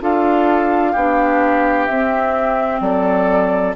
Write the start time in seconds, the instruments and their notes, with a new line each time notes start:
0.00 bassoon D4, clarinet F4, oboe A4, flute F5
0.92 bassoon B3, clarinet D4, oboe G4
1.86 clarinet C4, bassoon C4, flute E5
2.80 bassoon F#3, oboe A4, flute D5